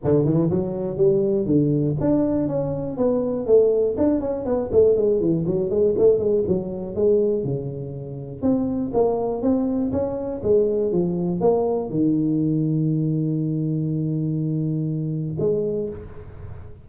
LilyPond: \new Staff \with { instrumentName = "tuba" } { \time 4/4 \tempo 4 = 121 d8 e8 fis4 g4 d4 | d'4 cis'4 b4 a4 | d'8 cis'8 b8 a8 gis8 e8 fis8 gis8 | a8 gis8 fis4 gis4 cis4~ |
cis4 c'4 ais4 c'4 | cis'4 gis4 f4 ais4 | dis1~ | dis2. gis4 | }